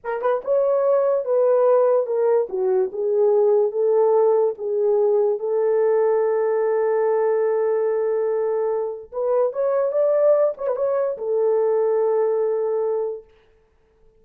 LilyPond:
\new Staff \with { instrumentName = "horn" } { \time 4/4 \tempo 4 = 145 ais'8 b'8 cis''2 b'4~ | b'4 ais'4 fis'4 gis'4~ | gis'4 a'2 gis'4~ | gis'4 a'2.~ |
a'1~ | a'2 b'4 cis''4 | d''4. cis''16 b'16 cis''4 a'4~ | a'1 | }